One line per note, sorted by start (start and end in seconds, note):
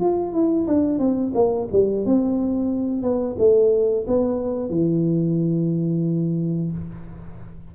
0.00 0.33 F4
0.33 0.66 E4
0.67 0.99 D4
0.99 1.33 C4
1.35 1.68 A#3
1.72 2.06 G3
2.06 3.02 C4
3.02 3.36 B3
3.39 4.06 A3
4.07 4.70 B3
4.70 6.72 E3